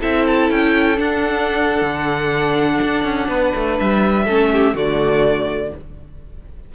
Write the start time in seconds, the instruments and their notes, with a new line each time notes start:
0.00 cello C4, viola E4, violin A4 E5
0.27 violin A5
0.50 cello C#4, violin G5
0.96 viola D4, cello D4, violin F#5
1.82 cello D3
2.81 cello D4
3.04 cello C#4
3.28 cello B3, violin B4
3.55 cello A3
3.79 cello G3, violin E5
4.24 cello A3, viola C#4, violin A4
4.52 violin G4
4.74 cello D3, viola A3, violin F#4 D5